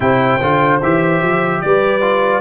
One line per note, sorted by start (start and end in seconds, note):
0.00 0.40 C3
0.00 0.40 E4
0.00 1.64 C5
0.00 0.80 G5
0.40 0.81 D3
0.40 0.81 F4
0.81 1.22 E3
0.81 2.01 G4
0.81 1.61 E5
1.22 1.62 F3
1.61 2.41 G3
1.61 2.41 B4
1.61 2.41 D5
2.01 2.41 F4